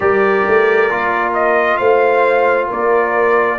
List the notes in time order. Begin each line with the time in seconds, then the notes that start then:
0.00 G3 G4 A#4 D5
0.47 A3
0.90 A#3 F4
1.33 D#5
1.77 A3 C5 F5
2.68 A#3 A#4 D5